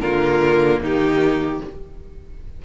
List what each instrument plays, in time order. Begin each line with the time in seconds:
0.00 cello D3, viola A#3, violin F4 A#4
0.80 cello D#3, violin D#4 G4